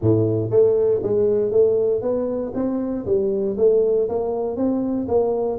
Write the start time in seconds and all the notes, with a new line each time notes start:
0.01 A2
0.50 A3
1.02 G#3
1.51 A3
2.01 B3
2.54 C4
3.05 G3
3.57 A3
4.08 A#3
4.56 C4
5.08 A#3